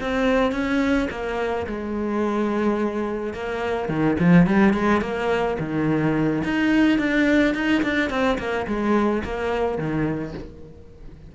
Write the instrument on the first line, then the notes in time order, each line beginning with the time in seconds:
cello
0.00 C4
0.52 C#4
1.10 A#3
1.67 G#3
3.33 A#3
3.88 D#3
4.19 F3
4.46 G3
4.74 G#3
5.01 A#3
5.59 D#3
6.44 D#4
6.98 D4
7.54 D#4
7.82 D4
8.10 C4
8.38 A#3
8.67 G#3
9.24 A#3
9.78 D#3